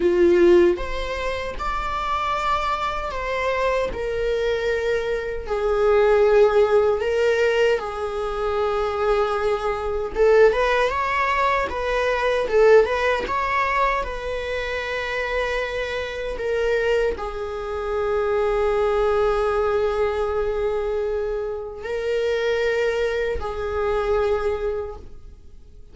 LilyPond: \new Staff \with { instrumentName = "viola" } { \time 4/4 \tempo 4 = 77 f'4 c''4 d''2 | c''4 ais'2 gis'4~ | gis'4 ais'4 gis'2~ | gis'4 a'8 b'8 cis''4 b'4 |
a'8 b'8 cis''4 b'2~ | b'4 ais'4 gis'2~ | gis'1 | ais'2 gis'2 | }